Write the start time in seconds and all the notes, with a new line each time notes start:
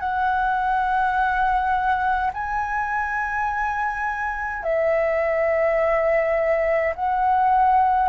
0.00 F#5
2.33 G#5
4.63 E5
6.96 F#5